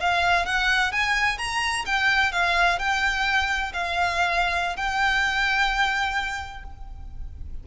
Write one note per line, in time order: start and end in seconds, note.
0.00 0.46 F5
0.46 0.92 F#5
0.92 1.38 G#5
1.38 1.85 A#5
1.86 2.32 G5
2.32 2.79 F5
2.79 3.72 G5
3.73 4.76 F5
4.76 6.64 G5